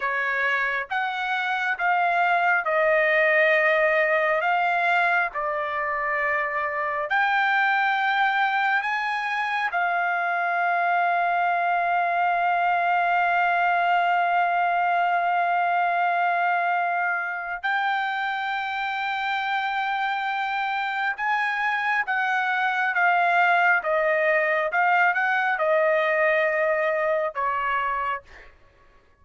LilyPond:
\new Staff \with { instrumentName = "trumpet" } { \time 4/4 \tempo 4 = 68 cis''4 fis''4 f''4 dis''4~ | dis''4 f''4 d''2 | g''2 gis''4 f''4~ | f''1~ |
f''1 | g''1 | gis''4 fis''4 f''4 dis''4 | f''8 fis''8 dis''2 cis''4 | }